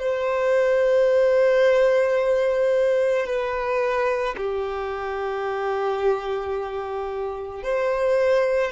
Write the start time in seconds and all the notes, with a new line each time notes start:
0.00 C5
3.26 B4
4.37 G4
7.64 C5